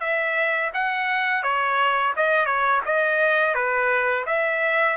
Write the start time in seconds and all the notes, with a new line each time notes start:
0.00 E5
0.73 F#5
1.42 C#5
2.16 D#5
2.45 C#5
2.85 D#5
3.54 B4
4.26 E5